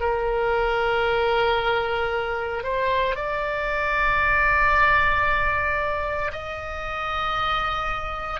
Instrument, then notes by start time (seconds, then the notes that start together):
oboe
0.00 A#4
2.63 C5
3.15 D5
6.32 D#5